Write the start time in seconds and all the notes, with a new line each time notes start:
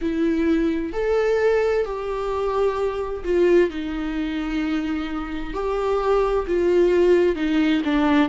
0.01 E4
0.92 A4
1.85 G4
3.23 F4
3.70 D#4
5.53 G4
6.47 F4
7.36 D#4
7.84 D4